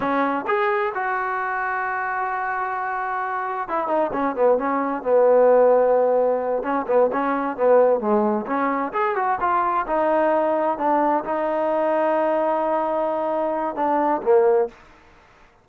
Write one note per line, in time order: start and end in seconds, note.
0.00 0.45 C#4
0.47 0.92 G#4
0.94 3.68 F#4
3.68 3.87 E4
3.87 4.10 D#4
4.12 4.35 C#4
4.35 4.58 B3
4.58 5.02 C#4
5.02 6.63 B3
6.63 6.86 C#4
6.87 7.10 B3
7.12 7.56 C#4
7.56 7.99 B3
7.99 8.45 G#3
8.46 8.92 C#4
8.92 9.15 G#4
9.15 9.38 F#4
9.40 9.86 F4
9.86 10.78 D#4
10.78 11.24 D4
11.24 13.75 D#4
13.75 14.21 D4
14.22 14.68 A#3